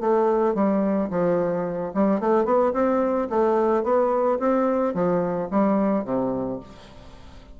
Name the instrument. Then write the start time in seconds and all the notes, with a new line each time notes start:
bassoon
0.00 A3
0.55 G3
1.10 F3
1.94 G3
2.20 A3
2.45 B3
2.73 C4
3.30 A3
3.83 B3
4.39 C4
4.94 F3
5.50 G3
6.04 C3